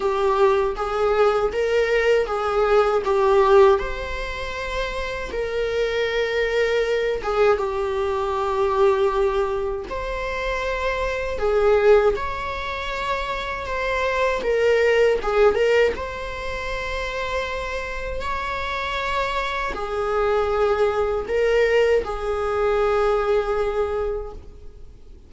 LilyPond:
\new Staff \with { instrumentName = "viola" } { \time 4/4 \tempo 4 = 79 g'4 gis'4 ais'4 gis'4 | g'4 c''2 ais'4~ | ais'4. gis'8 g'2~ | g'4 c''2 gis'4 |
cis''2 c''4 ais'4 | gis'8 ais'8 c''2. | cis''2 gis'2 | ais'4 gis'2. | }